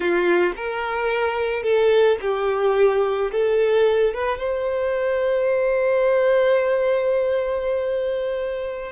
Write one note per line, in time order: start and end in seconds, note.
0.00 0.53 F4
0.56 1.63 A#4
1.63 2.18 A4
2.21 3.31 G4
3.31 4.14 A4
4.14 4.39 B4
4.39 8.92 C5